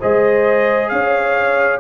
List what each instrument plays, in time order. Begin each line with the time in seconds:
0.00 tuba G#3, trombone G#4, horn C5, trumpet D#5
0.89 tuba C#4, horn C#5, trumpet F5